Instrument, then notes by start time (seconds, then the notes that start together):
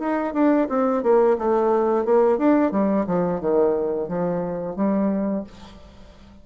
bassoon
0.00 D#4
0.34 D4
0.70 C4
1.04 A#3
1.39 A3
2.05 A#3
2.38 D4
2.72 G3
3.07 F3
3.41 D#3
4.09 F3
4.76 G3